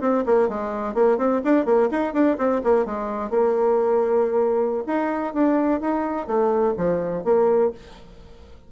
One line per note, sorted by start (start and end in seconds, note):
0.00 0.24 C4
0.25 0.48 A#3
0.48 0.94 G#3
0.94 1.17 A#3
1.17 1.41 C4
1.44 1.65 D4
1.65 1.89 A#3
1.90 2.13 D#4
2.13 2.37 D4
2.37 2.61 C4
2.63 2.85 A#3
2.85 3.30 G#3
3.30 4.83 A#3
4.86 5.33 D#4
5.33 5.80 D4
5.80 6.27 D#4
6.27 6.74 A3
6.77 7.24 F3
7.24 7.71 A#3